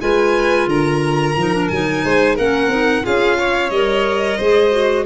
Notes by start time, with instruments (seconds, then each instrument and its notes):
0.00 tuba G#3, clarinet F4, violin B4 G#5
0.66 tuba D3, violin A#4 A#5
1.36 tuba F3, clarinet D#4
1.53 clarinet D4
1.68 tuba F#3, clarinet D#4, violin G#5
2.04 tuba G#3, violin C5
2.35 tuba A#3, clarinet C#4, violin A#4 F#5
2.67 tuba C4, clarinet D#4
3.02 tuba C#4, clarinet F4, violin G#4 F5
3.38 violin C#5
3.70 tuba G3, clarinet A#4, violin D#5
4.37 tuba G#3, clarinet G#4, violin C5
4.71 clarinet F#4